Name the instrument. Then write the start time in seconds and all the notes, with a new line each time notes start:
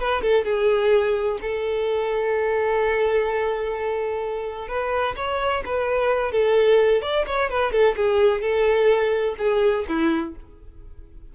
violin
0.00 B4
0.22 A4
0.45 G#4
1.42 A4
4.69 B4
5.17 C#5
5.66 B4
6.32 A4
7.02 D5
7.27 C#5
7.50 B4
7.72 A4
7.96 G#4
8.42 A4
9.39 G#4
9.89 E4